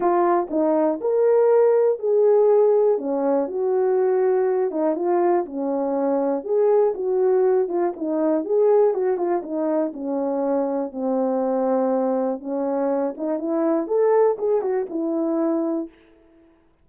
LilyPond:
\new Staff \with { instrumentName = "horn" } { \time 4/4 \tempo 4 = 121 f'4 dis'4 ais'2 | gis'2 cis'4 fis'4~ | fis'4. dis'8 f'4 cis'4~ | cis'4 gis'4 fis'4. f'8 |
dis'4 gis'4 fis'8 f'8 dis'4 | cis'2 c'2~ | c'4 cis'4. dis'8 e'4 | a'4 gis'8 fis'8 e'2 | }